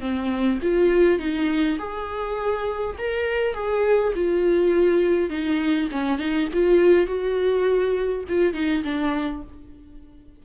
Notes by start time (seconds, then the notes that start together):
0.00 C4
0.62 F4
1.19 D#4
1.79 G#4
2.98 A#4
3.54 G#4
4.15 F4
5.30 D#4
5.91 C#4
6.19 D#4
6.54 F4
7.07 F#4
8.29 F4
8.53 D#4
8.84 D4